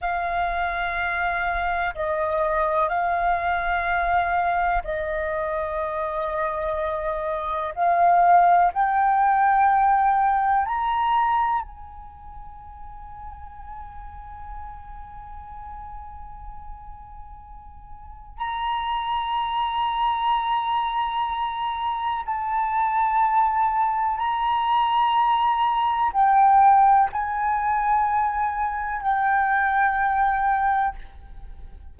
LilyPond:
\new Staff \with { instrumentName = "flute" } { \time 4/4 \tempo 4 = 62 f''2 dis''4 f''4~ | f''4 dis''2. | f''4 g''2 ais''4 | gis''1~ |
gis''2. ais''4~ | ais''2. a''4~ | a''4 ais''2 g''4 | gis''2 g''2 | }